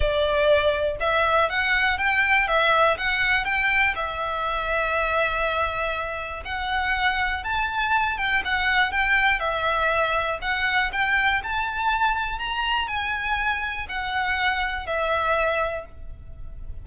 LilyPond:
\new Staff \with { instrumentName = "violin" } { \time 4/4 \tempo 4 = 121 d''2 e''4 fis''4 | g''4 e''4 fis''4 g''4 | e''1~ | e''4 fis''2 a''4~ |
a''8 g''8 fis''4 g''4 e''4~ | e''4 fis''4 g''4 a''4~ | a''4 ais''4 gis''2 | fis''2 e''2 | }